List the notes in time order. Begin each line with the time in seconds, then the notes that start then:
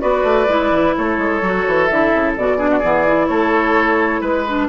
0.00 B3 F#4 B4 D5
0.24 A3
0.48 G#3 E4
0.71 E3
0.97 A3 A4 C#5
1.18 G#3
1.42 F#3 F#4
1.67 E3
1.85 D3 E4 E5
2.13 C#3
2.36 B2 F#4 D5
2.58 D4 G#4
2.71 F#4
2.79 E3 B3 G#4
3.07 E4
3.28 A3 A4 C#5
4.21 G#3 B4
4.47 D4